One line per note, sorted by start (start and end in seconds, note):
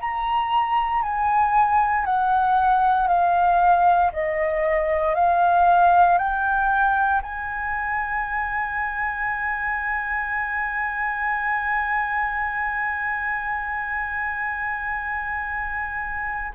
0.00 1.02 A#5
1.02 2.05 G#5
2.05 3.08 F#5
3.08 4.11 F5
4.12 5.14 D#5
5.14 6.18 F5
6.18 7.21 G5
7.22 16.53 G#5